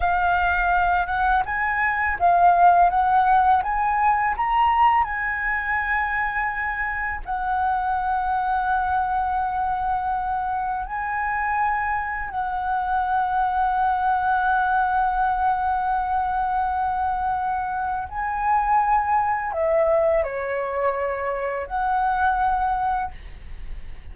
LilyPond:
\new Staff \with { instrumentName = "flute" } { \time 4/4 \tempo 4 = 83 f''4. fis''8 gis''4 f''4 | fis''4 gis''4 ais''4 gis''4~ | gis''2 fis''2~ | fis''2. gis''4~ |
gis''4 fis''2.~ | fis''1~ | fis''4 gis''2 e''4 | cis''2 fis''2 | }